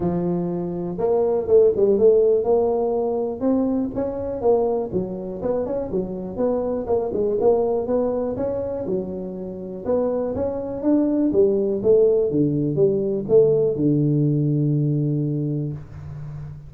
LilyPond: \new Staff \with { instrumentName = "tuba" } { \time 4/4 \tempo 4 = 122 f2 ais4 a8 g8 | a4 ais2 c'4 | cis'4 ais4 fis4 b8 cis'8 | fis4 b4 ais8 gis8 ais4 |
b4 cis'4 fis2 | b4 cis'4 d'4 g4 | a4 d4 g4 a4 | d1 | }